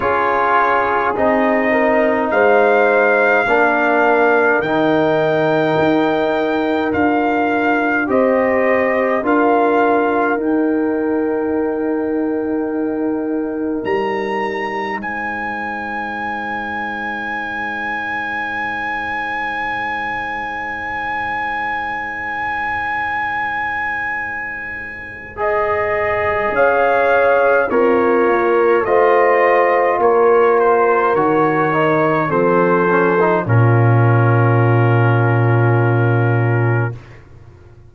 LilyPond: <<
  \new Staff \with { instrumentName = "trumpet" } { \time 4/4 \tempo 4 = 52 cis''4 dis''4 f''2 | g''2 f''4 dis''4 | f''4 g''2. | ais''4 gis''2.~ |
gis''1~ | gis''2 dis''4 f''4 | cis''4 dis''4 cis''8 c''8 cis''4 | c''4 ais'2. | }
  \new Staff \with { instrumentName = "horn" } { \time 4/4 gis'4. ais'8 c''4 ais'4~ | ais'2. c''4 | ais'1~ | ais'4 c''2.~ |
c''1~ | c''2. cis''4 | f'4 c''4 ais'2 | a'4 f'2. | }
  \new Staff \with { instrumentName = "trombone" } { \time 4/4 f'4 dis'2 d'4 | dis'2 f'4 g'4 | f'4 dis'2.~ | dis'1~ |
dis'1~ | dis'2 gis'2 | ais'4 f'2 fis'8 dis'8 | c'8 cis'16 dis'16 cis'2. | }
  \new Staff \with { instrumentName = "tuba" } { \time 4/4 cis'4 c'4 gis4 ais4 | dis4 dis'4 d'4 c'4 | d'4 dis'2. | g4 gis2.~ |
gis1~ | gis2. cis'4 | c'8 ais8 a4 ais4 dis4 | f4 ais,2. | }
>>